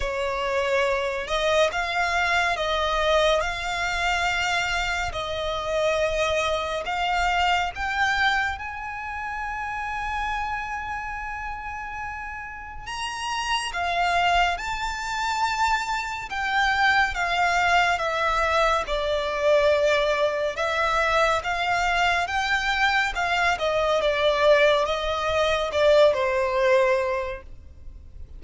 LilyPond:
\new Staff \with { instrumentName = "violin" } { \time 4/4 \tempo 4 = 70 cis''4. dis''8 f''4 dis''4 | f''2 dis''2 | f''4 g''4 gis''2~ | gis''2. ais''4 |
f''4 a''2 g''4 | f''4 e''4 d''2 | e''4 f''4 g''4 f''8 dis''8 | d''4 dis''4 d''8 c''4. | }